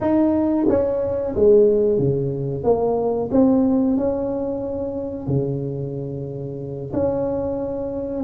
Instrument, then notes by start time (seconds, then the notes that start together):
tuba
0.01 D#4
0.68 C#4
1.35 G#3
1.98 C#3
2.63 A#3
3.31 C4
3.97 C#4
5.27 C#3
6.93 C#4